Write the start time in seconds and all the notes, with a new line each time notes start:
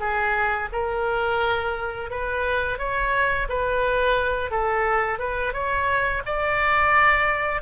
0.00 G#4
0.73 A#4
2.11 B4
2.79 C#5
3.49 B4
4.51 A4
5.19 B4
5.54 C#5
6.26 D5